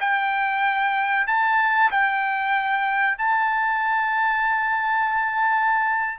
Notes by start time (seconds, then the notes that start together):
0.00 G5
1.27 A5
1.91 G5
3.18 A5